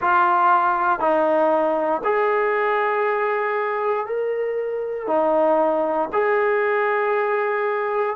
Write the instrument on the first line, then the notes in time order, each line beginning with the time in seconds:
trombone
0.00 F4
0.99 D#4
2.03 G#4
4.06 A#4
5.07 D#4
6.12 G#4